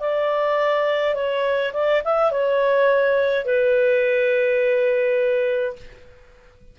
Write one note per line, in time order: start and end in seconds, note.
0.00 1.15 D5
1.15 1.73 C#5
1.74 2.02 D5
2.05 2.31 E5
2.31 3.46 C#5
3.46 5.76 B4